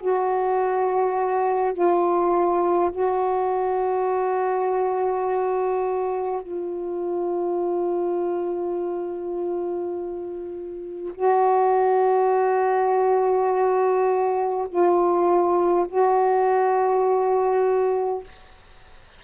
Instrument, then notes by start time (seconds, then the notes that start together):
saxophone
0.00 F#4
1.73 F4
2.92 F#4
6.42 F4
11.14 F#4
14.68 F4
15.88 F#4